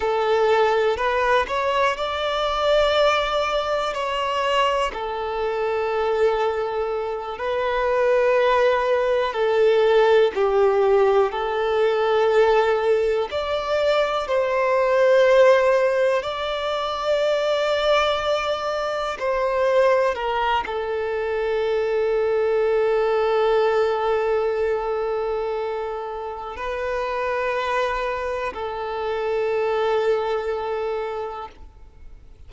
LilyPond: \new Staff \with { instrumentName = "violin" } { \time 4/4 \tempo 4 = 61 a'4 b'8 cis''8 d''2 | cis''4 a'2~ a'8 b'8~ | b'4. a'4 g'4 a'8~ | a'4. d''4 c''4.~ |
c''8 d''2. c''8~ | c''8 ais'8 a'2.~ | a'2. b'4~ | b'4 a'2. | }